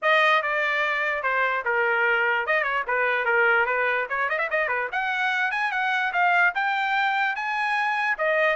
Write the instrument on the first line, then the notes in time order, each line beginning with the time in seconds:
trumpet
0.01 D#5
0.42 D5
1.22 C5
1.64 A#4
2.46 D#5
2.63 C#5
2.87 B4
3.25 A#4
3.65 B4
4.09 C#5
4.29 D#5
4.38 E5
4.50 D#5
4.68 B4
4.91 F#5
5.51 G#5
5.71 F#5
6.12 F5
6.54 G5
7.35 G#5
8.17 D#5